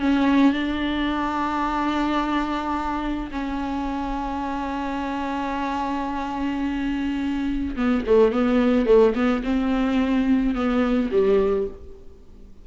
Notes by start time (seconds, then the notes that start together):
0.00 C#4
0.53 D4
3.31 C#4
7.76 B3
8.06 A3
8.32 B3
8.86 A3
9.15 B3
9.44 C4
10.55 B3
11.12 G3